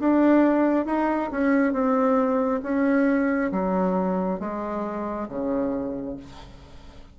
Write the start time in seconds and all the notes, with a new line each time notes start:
0.00 D4
0.86 D#4
1.32 C#4
1.73 C4
2.64 C#4
3.52 F#3
4.40 G#3
5.29 C#3